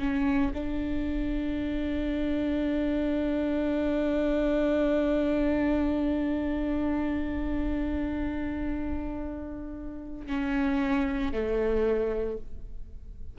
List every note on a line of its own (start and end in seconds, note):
0.00 0.53 C#4
0.54 10.27 D4
10.27 11.33 C#4
11.33 12.38 A3